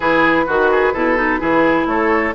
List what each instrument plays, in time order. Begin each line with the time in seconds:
0.00 bassoon E3, clarinet E4, oboe G#4, flute B4
0.46 bassoon D#3, oboe F#4, clarinet F#4
0.71 oboe G#4
0.93 bassoon B2, clarinet E4, oboe A4
1.16 clarinet D#4
1.39 bassoon E3, clarinet E4, oboe G#4
1.86 bassoon A3, oboe A4, flute C#5